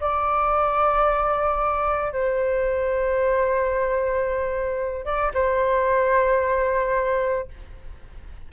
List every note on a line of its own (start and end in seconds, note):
0.00 2.12 D5
2.12 5.05 C5
5.05 5.32 D5
5.33 7.48 C5